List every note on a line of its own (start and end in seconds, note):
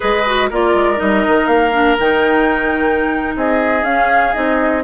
0.00 0.50 G#3
0.00 0.24 G#4
0.00 0.49 B4
0.00 0.51 D#5
0.26 0.51 F#4
0.50 0.74 A#3
0.50 0.96 F4
0.50 3.35 A#4
0.50 0.99 D5
0.74 0.99 G#3
0.96 1.25 G3
0.96 1.70 D#4
0.96 1.47 D#5
1.27 1.47 D#3
1.47 1.96 A#3
1.47 1.96 F5
1.73 1.97 D4
1.99 3.35 D#3
1.99 3.85 D#4
1.99 3.36 G5
3.35 3.82 C4
3.35 4.83 G#4
3.35 3.84 D#5
3.82 4.32 C#4
3.82 4.34 C#4
3.82 4.33 F5
4.33 4.83 C4
4.33 4.83 D#4
4.33 4.83 D#5